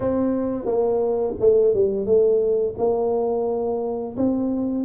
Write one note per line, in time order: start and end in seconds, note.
0.00 0.65 C4
0.65 1.34 A#3
1.40 1.74 A3
1.74 2.05 G3
2.05 2.74 A3
2.78 4.16 A#3
4.16 4.84 C4